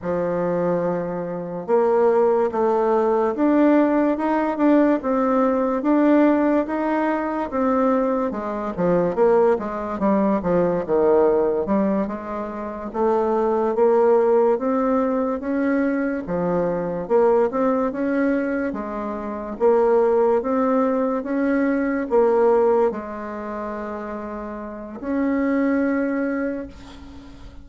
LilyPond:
\new Staff \with { instrumentName = "bassoon" } { \time 4/4 \tempo 4 = 72 f2 ais4 a4 | d'4 dis'8 d'8 c'4 d'4 | dis'4 c'4 gis8 f8 ais8 gis8 | g8 f8 dis4 g8 gis4 a8~ |
a8 ais4 c'4 cis'4 f8~ | f8 ais8 c'8 cis'4 gis4 ais8~ | ais8 c'4 cis'4 ais4 gis8~ | gis2 cis'2 | }